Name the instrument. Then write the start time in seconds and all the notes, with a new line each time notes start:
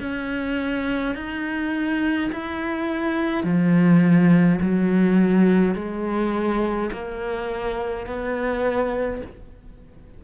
cello
0.00 C#4
1.15 D#4
2.32 E4
3.44 F3
4.61 F#3
5.74 G#3
6.92 A#3
8.06 B3